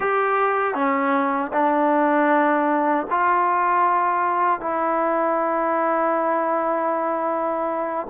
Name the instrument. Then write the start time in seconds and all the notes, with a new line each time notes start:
trombone
0.00 G4
0.74 C#4
1.52 D4
3.10 F4
4.60 E4